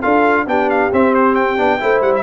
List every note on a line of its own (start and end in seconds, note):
0.00 0.46 D4
0.00 0.46 F4
0.00 0.44 A4
0.00 0.45 F5
0.46 0.91 B3
0.46 0.91 D4
0.46 1.81 G4
0.46 0.69 G5
0.69 0.91 F5
0.92 1.57 C4
0.92 1.58 C4
0.92 1.14 E5
1.14 1.35 C5
1.35 2.01 G5
1.57 1.81 B3
1.57 1.79 D4
1.80 2.01 A3
1.80 2.23 E4
1.80 2.23 C5
2.01 2.23 G3
2.01 2.13 F#5
2.15 2.23 E5